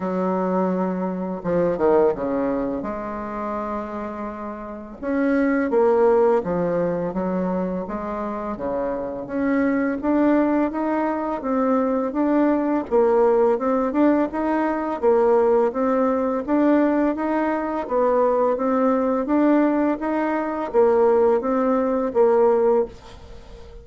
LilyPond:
\new Staff \with { instrumentName = "bassoon" } { \time 4/4 \tempo 4 = 84 fis2 f8 dis8 cis4 | gis2. cis'4 | ais4 f4 fis4 gis4 | cis4 cis'4 d'4 dis'4 |
c'4 d'4 ais4 c'8 d'8 | dis'4 ais4 c'4 d'4 | dis'4 b4 c'4 d'4 | dis'4 ais4 c'4 ais4 | }